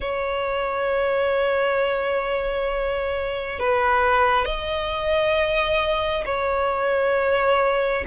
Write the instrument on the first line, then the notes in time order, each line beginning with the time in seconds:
violin
0.00 C#5
3.59 B4
4.45 D#5
6.25 C#5